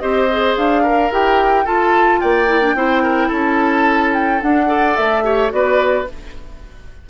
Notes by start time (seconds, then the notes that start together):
0.00 C4 G4 C5 D#5
0.32 G#4
0.57 D4 F5
0.83 A#4
1.11 E4 G4 G5
1.65 F4 A4 A5
2.21 A#3 D5 G5
2.48 E4
2.62 D4
2.75 C4 E4 C5
3.04 A#4
3.28 C#4 A4 A5
4.14 G5
4.41 D4 F#5
4.68 A4 D5
4.97 A3 E5
5.24 G4 C#5
5.50 B3 F#4 B4 D5